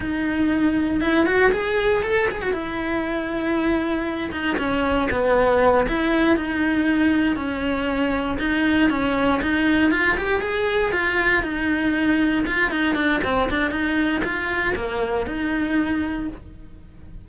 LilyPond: \new Staff \with { instrumentName = "cello" } { \time 4/4 \tempo 4 = 118 dis'2 e'8 fis'8 gis'4 | a'8 gis'16 fis'16 e'2.~ | e'8 dis'8 cis'4 b4. e'8~ | e'8 dis'2 cis'4.~ |
cis'8 dis'4 cis'4 dis'4 f'8 | g'8 gis'4 f'4 dis'4.~ | dis'8 f'8 dis'8 d'8 c'8 d'8 dis'4 | f'4 ais4 dis'2 | }